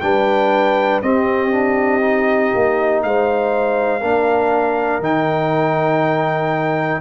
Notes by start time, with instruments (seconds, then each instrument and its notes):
0.00 tuba G3, trombone D4, horn B4, trumpet G5
1.02 trombone C4, tuba C4, horn G4, trumpet D#5
1.51 trombone D4
2.01 trombone D#4
2.54 tuba A#3
3.02 tuba G#3, horn C5, trumpet F5
4.00 tuba A#3, trombone D4, horn A#4
4.99 tuba D#3, trombone D#4, trumpet G5